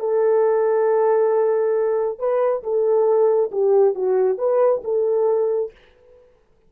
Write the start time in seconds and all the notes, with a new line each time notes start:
0.00 A4
2.19 B4
2.64 A4
3.52 G4
3.95 F#4
4.39 B4
4.84 A4